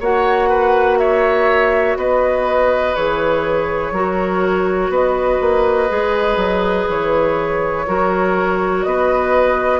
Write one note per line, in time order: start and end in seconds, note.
0.00 1.96 A#3
0.00 2.96 F#4
0.00 0.49 C#5
0.00 0.98 F#5
0.49 0.98 B4
0.98 1.98 C#5
0.98 1.97 E5
1.96 2.95 B3
1.96 3.93 B4
1.96 2.95 D#5
2.95 3.92 E3
2.95 3.94 G#4
2.95 4.92 C#5
3.92 4.89 F#3
3.92 5.88 F#4
3.92 4.91 A#4
4.89 5.38 B3
4.89 7.86 B4
4.89 6.90 D#5
5.41 5.90 A#3
5.88 6.36 G#3
5.88 7.85 G#4
6.36 6.85 F#3
6.89 7.87 E3
6.89 8.83 C#5
7.86 8.85 F#3
7.86 9.80 F#4
7.86 8.86 A#4
8.83 9.80 B3
8.83 9.80 B4
8.83 9.80 D#5